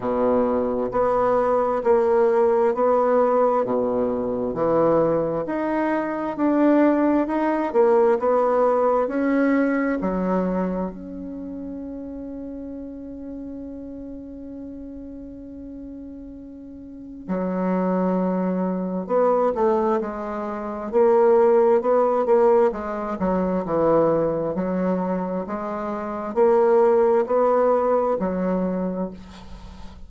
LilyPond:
\new Staff \with { instrumentName = "bassoon" } { \time 4/4 \tempo 4 = 66 b,4 b4 ais4 b4 | b,4 e4 dis'4 d'4 | dis'8 ais8 b4 cis'4 fis4 | cis'1~ |
cis'2. fis4~ | fis4 b8 a8 gis4 ais4 | b8 ais8 gis8 fis8 e4 fis4 | gis4 ais4 b4 fis4 | }